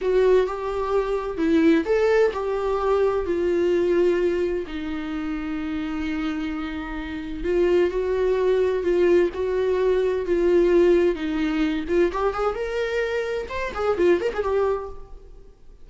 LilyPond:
\new Staff \with { instrumentName = "viola" } { \time 4/4 \tempo 4 = 129 fis'4 g'2 e'4 | a'4 g'2 f'4~ | f'2 dis'2~ | dis'1 |
f'4 fis'2 f'4 | fis'2 f'2 | dis'4. f'8 g'8 gis'8 ais'4~ | ais'4 c''8 gis'8 f'8 ais'16 gis'16 g'4 | }